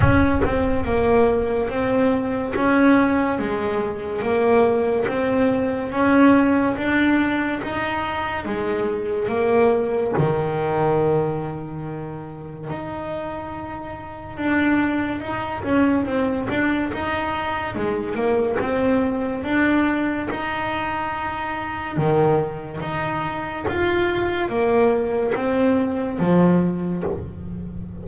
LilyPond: \new Staff \with { instrumentName = "double bass" } { \time 4/4 \tempo 4 = 71 cis'8 c'8 ais4 c'4 cis'4 | gis4 ais4 c'4 cis'4 | d'4 dis'4 gis4 ais4 | dis2. dis'4~ |
dis'4 d'4 dis'8 cis'8 c'8 d'8 | dis'4 gis8 ais8 c'4 d'4 | dis'2 dis4 dis'4 | f'4 ais4 c'4 f4 | }